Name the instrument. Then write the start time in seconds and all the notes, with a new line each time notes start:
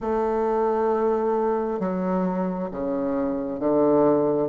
bassoon
0.00 A3
1.79 F#3
2.71 C#3
3.59 D3